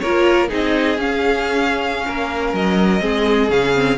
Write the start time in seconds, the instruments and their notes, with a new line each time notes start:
0.00 cello A#3, viola F4, violin A#4 C#5
0.49 cello C4, viola D#4, violin G#4 D#5
0.98 cello C#4, viola C#4, violin F5
2.08 cello A#3, violin A#4
2.54 cello F#3, violin D#5
3.01 cello G#3, viola C4, violin G#4
3.50 cello C#3, viola C#4, violin F5
3.75 viola C4